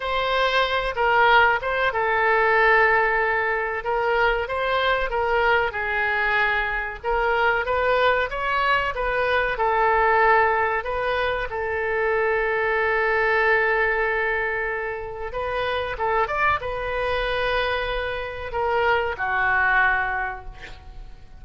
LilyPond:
\new Staff \with { instrumentName = "oboe" } { \time 4/4 \tempo 4 = 94 c''4. ais'4 c''8 a'4~ | a'2 ais'4 c''4 | ais'4 gis'2 ais'4 | b'4 cis''4 b'4 a'4~ |
a'4 b'4 a'2~ | a'1 | b'4 a'8 d''8 b'2~ | b'4 ais'4 fis'2 | }